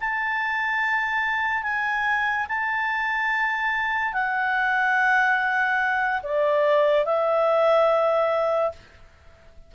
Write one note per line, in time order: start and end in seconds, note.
0.00 1.62 A5
1.62 2.46 G#5
2.48 4.13 A5
4.13 6.21 F#5
6.22 7.05 D5
7.05 8.72 E5